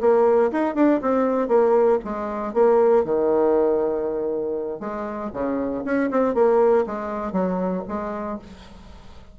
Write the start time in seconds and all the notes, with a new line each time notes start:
0.00 A#3
0.51 D#4
0.74 D4
1.01 C4
1.48 A#3
2.04 G#3
2.53 A#3
3.04 D#3
4.80 G#3
5.33 C#3
5.84 C#4
6.10 C4
6.34 A#3
6.86 G#3
7.32 F#3
7.87 G#3